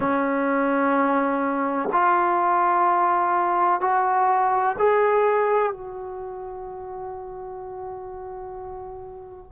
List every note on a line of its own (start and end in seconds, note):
0.00 1.89 C#4
1.92 3.81 F4
3.81 4.76 F#4
4.78 5.72 G#4
5.72 9.52 F#4